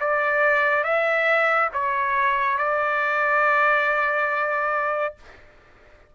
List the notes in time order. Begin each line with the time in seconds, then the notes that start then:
0.00 D5
0.83 E5
1.73 C#5
2.58 D5